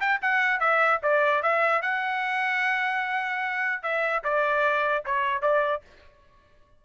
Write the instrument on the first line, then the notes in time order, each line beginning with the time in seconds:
trumpet
0.00 G5
0.22 F#5
0.60 E5
1.03 D5
1.42 E5
1.82 F#5
3.83 E5
4.24 D5
5.05 C#5
5.42 D5